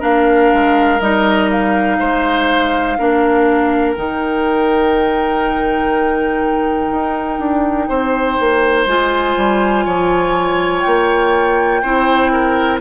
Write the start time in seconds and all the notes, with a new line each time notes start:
0.00 A#3 D4 A#4 F5
0.53 G#3
1.00 G3 D#4 D#5
1.50 F5
1.99 G#3 C5
2.99 A#3 D4 A#4
3.92 D#3 D#4 G5
6.91 D#4
7.39 D4
7.89 C4 C5
8.39 A#3
8.86 G#3 F4 G#5
9.36 G3
9.85 F3 C#5
10.81 A#3 G5
11.82 C4 E4 C5
12.32 A#4